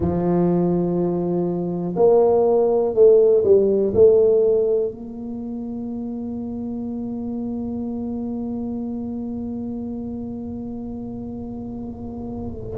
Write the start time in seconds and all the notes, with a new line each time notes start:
0.00 F3
1.96 A#3
2.94 A3
3.44 G3
3.94 A3
4.91 A#3